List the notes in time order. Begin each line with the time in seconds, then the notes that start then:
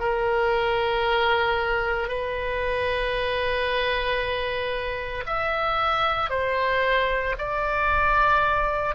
0.00 A#4
2.08 B4
5.26 E5
6.30 C5
7.38 D5